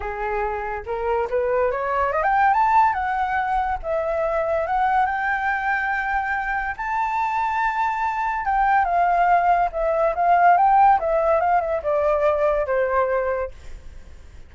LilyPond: \new Staff \with { instrumentName = "flute" } { \time 4/4 \tempo 4 = 142 gis'2 ais'4 b'4 | cis''4 dis''16 g''8. a''4 fis''4~ | fis''4 e''2 fis''4 | g''1 |
a''1 | g''4 f''2 e''4 | f''4 g''4 e''4 f''8 e''8 | d''2 c''2 | }